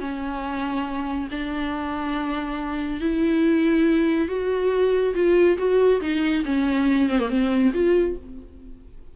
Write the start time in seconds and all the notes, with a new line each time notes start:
0.00 C#4
1.31 D4
3.01 E4
4.29 F#4
5.15 F4
5.58 F#4
6.02 D#4
6.45 C#4
7.10 C4
7.20 A#3
7.30 C4
7.74 F4